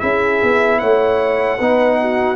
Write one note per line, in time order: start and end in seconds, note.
0.00 0.42 C#4
0.00 1.58 E4
0.00 0.79 G#4
0.00 0.79 E5
0.43 0.82 B3
0.79 1.60 A3
0.79 1.58 C#5
0.79 2.36 F#5
1.58 2.36 B3
1.58 2.36 D#4
1.58 1.98 B4
2.00 2.36 F#4